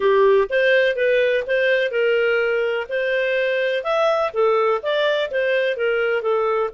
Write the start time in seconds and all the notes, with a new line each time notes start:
0.00 G4
0.49 C5
0.96 B4
1.46 C5
1.91 A#4
2.89 C5
3.83 E5
4.33 A4
4.82 D5
5.30 C5
5.76 A#4
6.22 A4